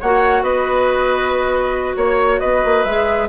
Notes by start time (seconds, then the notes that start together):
0.00 A#3 F#4 C#5 F#5
0.43 B3 B4 D#5
1.96 A#3 C#5
2.40 B3 B4 D#5
2.65 A#3
2.84 G#3 G#4 E5